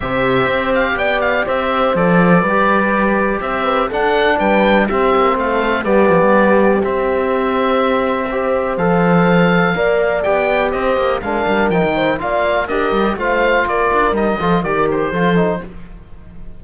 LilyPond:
<<
  \new Staff \with { instrumentName = "oboe" } { \time 4/4 \tempo 4 = 123 e''4. f''8 g''8 f''8 e''4 | d''2. e''4 | fis''4 g''4 e''4 f''4 | d''2 e''2~ |
e''2 f''2~ | f''4 g''4 dis''4 f''4 | g''4 f''4 dis''4 f''4 | d''4 dis''4 d''8 c''4. | }
  \new Staff \with { instrumentName = "horn" } { \time 4/4 c''2 d''4 c''4~ | c''4 b'2 c''8 b'8 | a'4 b'4 g'4 a'4 | g'1~ |
g'4 c''2. | d''2 c''4 ais'4~ | ais'8 c''8 d''4 ais'4 c''4 | ais'4. a'8 ais'4 a'4 | }
  \new Staff \with { instrumentName = "trombone" } { \time 4/4 g'1 | a'4 g'2. | d'2 c'2 | b2 c'2~ |
c'4 g'4 a'2 | ais'4 g'2 d'4 | dis'4 f'4 g'4 f'4~ | f'4 dis'8 f'8 g'4 f'8 dis'8 | }
  \new Staff \with { instrumentName = "cello" } { \time 4/4 c4 c'4 b4 c'4 | f4 g2 c'4 | d'4 g4 c'8 ais8 a4 | g8 f16 g4~ g16 c'2~ |
c'2 f2 | ais4 b4 c'8 ais8 gis8 g8 | f16 dis8. ais4 d'8 g8 a4 | ais8 d'8 g8 f8 dis4 f4 | }
>>